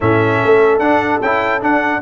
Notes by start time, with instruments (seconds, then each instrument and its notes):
0.00 tuba A2, trombone C#4, horn A4, trumpet E5
0.43 tuba A3
0.79 tuba D4, trombone D4, trumpet F#5
1.21 tuba C#4, trombone E4, trumpet G5
1.61 trombone D4, tuba D4, trumpet F#5